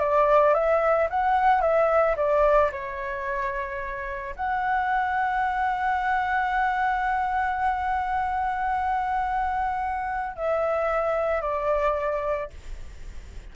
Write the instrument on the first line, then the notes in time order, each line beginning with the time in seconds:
flute
0.00 D5
0.54 E5
1.10 F#5
1.62 E5
2.17 D5
2.72 C#5
4.36 F#5
10.36 E5
11.41 D5